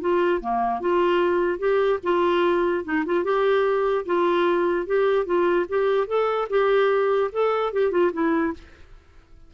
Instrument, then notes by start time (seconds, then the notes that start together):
clarinet
0.00 F4
0.40 A#3
0.80 F4
1.58 G4
2.03 F4
2.84 D#4
3.05 F4
3.24 G4
4.05 F4
4.86 G4
5.25 F4
5.68 G4
6.07 A4
6.49 G4
7.32 A4
7.72 G4
7.91 F4
8.13 E4